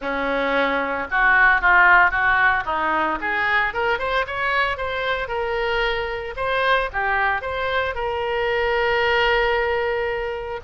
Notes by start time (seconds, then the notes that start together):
0.01 C#4
1.10 F#4
1.61 F4
2.10 F#4
2.65 D#4
3.21 G#4
3.73 A#4
3.98 C5
4.26 C#5
4.77 C5
5.28 A#4
6.36 C5
6.92 G4
7.41 C5
7.95 A#4